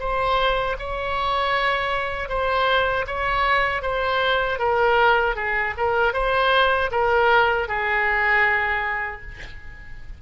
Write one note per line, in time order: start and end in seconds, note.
0.00 0.77 C5
0.79 2.29 C#5
2.29 3.06 C5
3.07 3.82 C#5
3.82 4.59 C5
4.59 5.36 A#4
5.36 5.74 G#4
5.78 6.14 A#4
6.14 6.91 C5
6.92 7.69 A#4
7.69 9.22 G#4